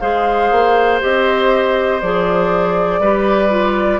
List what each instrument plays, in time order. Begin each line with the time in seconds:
0.00 bassoon G#3, clarinet G#4, oboe C5, flute F5
0.52 bassoon A#3
1.01 bassoon C4, clarinet G4, flute D#5
2.02 bassoon F3, clarinet G#4, flute D5
3.00 bassoon G3, clarinet G4, oboe B4
3.50 clarinet F4